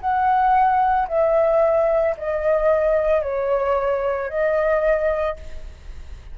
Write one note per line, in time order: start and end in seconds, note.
0.00 1.07 F#5
1.08 2.15 E5
2.17 3.22 D#5
3.22 4.29 C#5
4.29 5.36 D#5